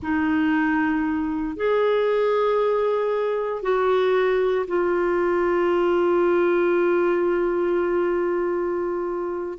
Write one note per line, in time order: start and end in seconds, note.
0.02 1.56 D#4
1.56 3.62 G#4
3.62 4.66 F#4
4.67 9.58 F4